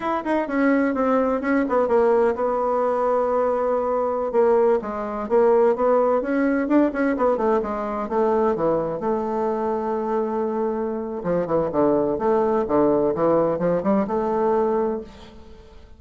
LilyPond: \new Staff \with { instrumentName = "bassoon" } { \time 4/4 \tempo 4 = 128 e'8 dis'8 cis'4 c'4 cis'8 b8 | ais4 b2.~ | b4~ b16 ais4 gis4 ais8.~ | ais16 b4 cis'4 d'8 cis'8 b8 a16~ |
a16 gis4 a4 e4 a8.~ | a1 | f8 e8 d4 a4 d4 | e4 f8 g8 a2 | }